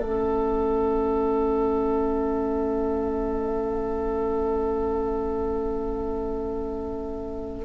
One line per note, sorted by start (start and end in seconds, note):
0.00 7.65 A3
0.00 7.65 C#4
0.00 7.65 A4
0.00 7.65 E5